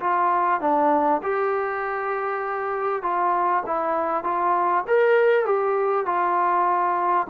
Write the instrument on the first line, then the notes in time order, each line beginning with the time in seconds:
trombone
0.00 F4
0.60 D4
1.23 G4
3.02 F4
3.66 E4
4.23 F4
4.87 A#4
5.45 G4
6.06 F4